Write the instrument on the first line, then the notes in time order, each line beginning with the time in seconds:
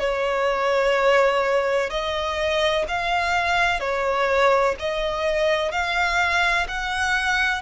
violin
0.00 C#5
1.90 D#5
2.89 F5
3.81 C#5
4.80 D#5
5.72 F5
6.68 F#5